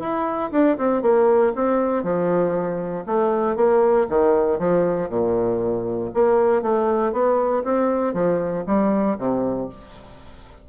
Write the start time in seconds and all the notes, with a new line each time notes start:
0.00 E4
0.52 D4
0.78 C4
1.02 A#3
1.55 C4
2.03 F3
3.06 A3
3.56 A#3
4.10 D#3
4.59 F3
5.09 A#2
6.14 A#3
6.62 A3
7.13 B3
7.64 C4
8.14 F3
8.66 G3
9.18 C3